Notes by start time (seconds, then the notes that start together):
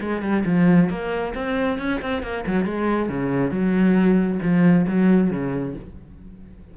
0.00 G#3
0.22 G3
0.45 F3
0.90 A#3
1.35 C4
1.78 C#4
2.01 C4
2.22 A#3
2.46 F#3
2.65 G#3
3.09 C#3
3.51 F#3
4.42 F3
4.87 F#3
5.30 C#3